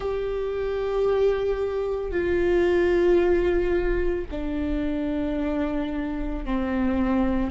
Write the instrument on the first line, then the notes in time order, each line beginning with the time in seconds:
viola
0.00 G4
2.11 F4
4.31 D4
6.45 C4